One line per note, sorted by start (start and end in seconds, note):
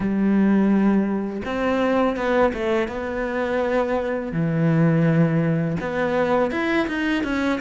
0.00 1.42 G3
1.45 2.16 C4
2.16 2.52 B3
2.53 2.88 A3
2.88 4.32 B3
4.32 5.76 E3
5.80 6.51 B3
6.51 6.87 E4
6.87 7.23 D#4
7.23 7.59 C#4